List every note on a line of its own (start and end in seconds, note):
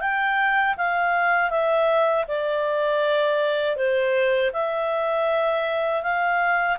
0.00 0.75 G5
0.77 1.50 F5
1.50 2.25 E5
2.28 3.76 D5
3.76 4.51 C5
4.53 6.02 E5
6.02 6.77 F5